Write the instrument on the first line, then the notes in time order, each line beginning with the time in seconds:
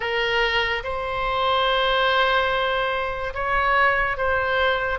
oboe
0.00 A#4
0.83 C5
3.33 C#5
4.17 C5